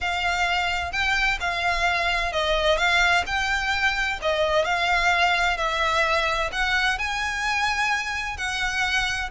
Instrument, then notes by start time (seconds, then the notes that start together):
violin
0.01 F5
0.92 G5
1.40 F5
2.32 D#5
2.77 F5
3.26 G5
4.21 D#5
4.64 F5
5.57 E5
6.52 F#5
6.98 G#5
8.37 F#5